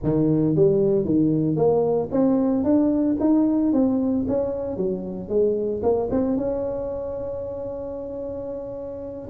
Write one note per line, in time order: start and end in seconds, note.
0.03 0.55 D#3
0.55 1.05 G3
1.05 1.56 D#3
1.56 2.09 A#3
2.11 2.64 C4
2.64 3.17 D4
3.20 3.72 D#4
3.72 4.26 C4
4.27 4.76 C#4
4.76 5.28 F#3
5.28 5.81 G#3
5.82 6.09 A#3
6.10 6.36 C4
6.36 9.28 C#4